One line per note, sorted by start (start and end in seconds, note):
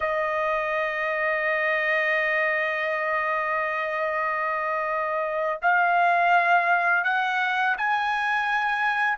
0.00 5.60 D#5
5.62 7.04 F5
7.04 7.76 F#5
7.77 9.18 G#5